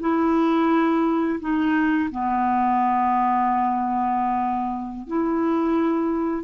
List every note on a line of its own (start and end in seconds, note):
0.00 1.40 E4
1.40 2.10 D#4
2.11 5.07 B3
5.07 6.44 E4